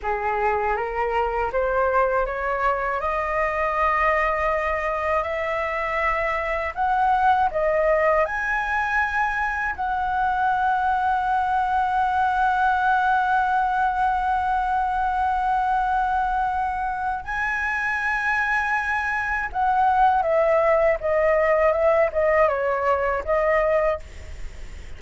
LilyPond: \new Staff \with { instrumentName = "flute" } { \time 4/4 \tempo 4 = 80 gis'4 ais'4 c''4 cis''4 | dis''2. e''4~ | e''4 fis''4 dis''4 gis''4~ | gis''4 fis''2.~ |
fis''1~ | fis''2. gis''4~ | gis''2 fis''4 e''4 | dis''4 e''8 dis''8 cis''4 dis''4 | }